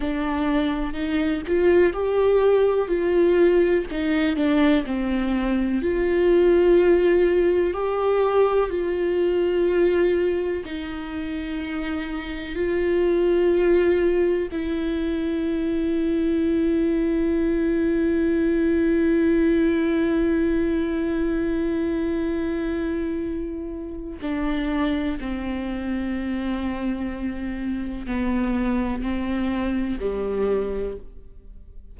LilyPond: \new Staff \with { instrumentName = "viola" } { \time 4/4 \tempo 4 = 62 d'4 dis'8 f'8 g'4 f'4 | dis'8 d'8 c'4 f'2 | g'4 f'2 dis'4~ | dis'4 f'2 e'4~ |
e'1~ | e'1~ | e'4 d'4 c'2~ | c'4 b4 c'4 g4 | }